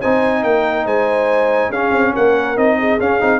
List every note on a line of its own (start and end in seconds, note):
0.00 0.43 C4
0.00 1.73 D#4
0.00 0.43 C5
0.00 0.43 G#5
0.43 0.85 A#3
0.43 0.85 A#4
0.43 0.85 G5
0.85 1.70 G#3
0.85 1.70 C5
0.85 1.71 G#5
1.70 1.91 C#4
1.70 2.56 C#4
1.70 2.12 G#4
1.70 2.14 F5
1.91 2.13 C4
2.13 2.56 A#3
2.13 2.76 A#4
2.13 2.57 F#5
2.56 2.99 C4
2.56 2.98 D#4
2.56 2.99 D#5
2.79 3.40 G#4
2.99 3.20 C#4
2.99 3.21 C#4
2.99 3.40 F5
3.20 3.40 C4
3.20 3.40 D#4